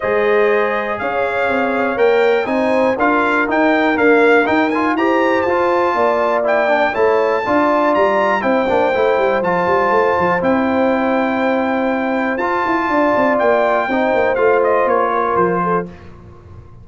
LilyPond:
<<
  \new Staff \with { instrumentName = "trumpet" } { \time 4/4 \tempo 4 = 121 dis''2 f''2 | g''4 gis''4 f''4 g''4 | f''4 g''8 gis''8 ais''4 a''4~ | a''4 g''4 a''2 |
ais''4 g''2 a''4~ | a''4 g''2.~ | g''4 a''2 g''4~ | g''4 f''8 dis''8 cis''4 c''4 | }
  \new Staff \with { instrumentName = "horn" } { \time 4/4 c''2 cis''2~ | cis''4 c''4 ais'2~ | ais'2 c''2 | d''2 cis''4 d''4~ |
d''4 c''2.~ | c''1~ | c''2 d''2 | c''2~ c''8 ais'4 a'8 | }
  \new Staff \with { instrumentName = "trombone" } { \time 4/4 gis'1 | ais'4 dis'4 f'4 dis'4 | ais4 dis'8 f'8 g'4 f'4~ | f'4 e'8 d'8 e'4 f'4~ |
f'4 e'8 d'8 e'4 f'4~ | f'4 e'2.~ | e'4 f'2. | dis'4 f'2. | }
  \new Staff \with { instrumentName = "tuba" } { \time 4/4 gis2 cis'4 c'4 | ais4 c'4 d'4 dis'4 | d'4 dis'4 e'4 f'4 | ais2 a4 d'4 |
g4 c'8 ais8 a8 g8 f8 g8 | a8 f8 c'2.~ | c'4 f'8 e'8 d'8 c'8 ais4 | c'8 ais8 a4 ais4 f4 | }
>>